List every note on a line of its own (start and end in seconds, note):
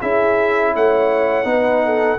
0.00 0.76 C#4
0.00 1.45 E4
0.00 0.73 G#4
0.00 0.75 E5
0.76 1.45 A3
0.76 1.49 C#5
0.76 2.19 F#5
1.45 2.18 B3
1.45 2.18 D#4
1.45 1.86 B4
1.86 2.19 A4